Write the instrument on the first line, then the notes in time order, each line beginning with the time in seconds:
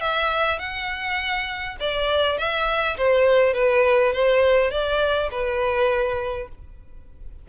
violin
0.00 E5
0.59 F#5
1.79 D5
2.38 E5
2.97 C5
3.53 B4
4.12 C5
4.70 D5
5.30 B4